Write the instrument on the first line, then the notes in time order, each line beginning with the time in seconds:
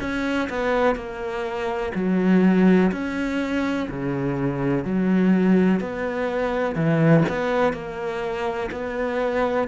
cello
0.00 C#4
0.49 B3
0.95 A#3
1.94 F#3
2.92 C#4
3.89 C#3
4.84 F#3
5.80 B3
6.75 E3
7.28 B3
7.72 A#3
8.71 B3